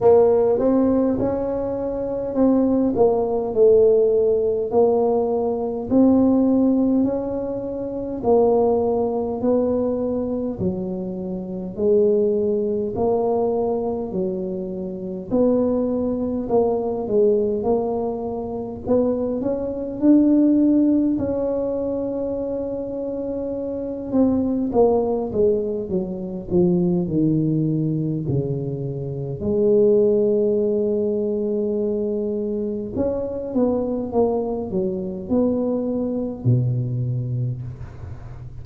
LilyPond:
\new Staff \with { instrumentName = "tuba" } { \time 4/4 \tempo 4 = 51 ais8 c'8 cis'4 c'8 ais8 a4 | ais4 c'4 cis'4 ais4 | b4 fis4 gis4 ais4 | fis4 b4 ais8 gis8 ais4 |
b8 cis'8 d'4 cis'2~ | cis'8 c'8 ais8 gis8 fis8 f8 dis4 | cis4 gis2. | cis'8 b8 ais8 fis8 b4 b,4 | }